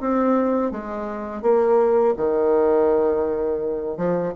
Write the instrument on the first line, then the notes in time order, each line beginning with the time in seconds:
bassoon
0.00 C4
0.71 G#3
1.42 A#3
2.17 D#3
3.97 F3